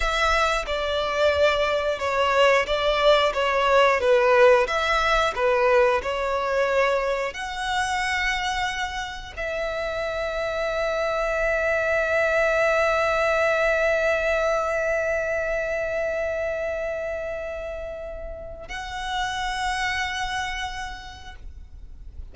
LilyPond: \new Staff \with { instrumentName = "violin" } { \time 4/4 \tempo 4 = 90 e''4 d''2 cis''4 | d''4 cis''4 b'4 e''4 | b'4 cis''2 fis''4~ | fis''2 e''2~ |
e''1~ | e''1~ | e''1 | fis''1 | }